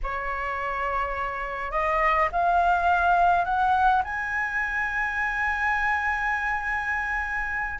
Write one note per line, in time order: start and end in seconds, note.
0.03 1.71 C#5
1.71 2.29 D#5
2.32 3.44 F5
3.44 4.02 F#5
4.04 7.79 G#5